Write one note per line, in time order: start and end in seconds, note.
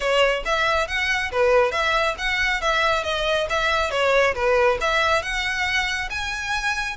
0.00 0.43 C#5
0.45 0.87 E5
0.87 1.31 F#5
1.31 1.71 B4
1.71 2.15 E5
2.18 2.61 F#5
2.61 3.03 E5
3.03 3.47 D#5
3.49 3.91 E5
3.91 4.34 C#5
4.34 4.78 B4
4.80 5.22 E5
5.22 6.09 F#5
6.10 6.97 G#5